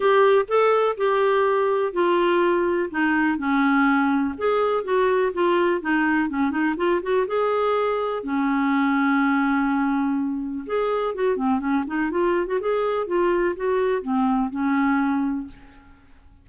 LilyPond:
\new Staff \with { instrumentName = "clarinet" } { \time 4/4 \tempo 4 = 124 g'4 a'4 g'2 | f'2 dis'4 cis'4~ | cis'4 gis'4 fis'4 f'4 | dis'4 cis'8 dis'8 f'8 fis'8 gis'4~ |
gis'4 cis'2.~ | cis'2 gis'4 fis'8 c'8 | cis'8 dis'8 f'8. fis'16 gis'4 f'4 | fis'4 c'4 cis'2 | }